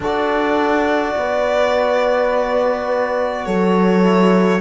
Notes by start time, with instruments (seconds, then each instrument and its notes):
0.00 cello D4, trombone F#4, horn A4, violin D5
1.16 cello B3, horn B4
3.46 cello F#3, horn A4, violin C#5
4.03 trombone E4